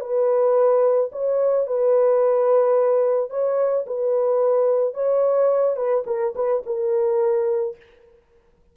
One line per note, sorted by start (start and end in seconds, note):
0.00 1.10 B4
1.12 1.66 C#5
1.66 3.30 B4
3.30 3.85 C#5
3.86 4.94 B4
4.94 5.76 C#5
5.76 6.04 B4
6.06 6.34 A#4
6.35 6.63 B4
6.66 7.76 A#4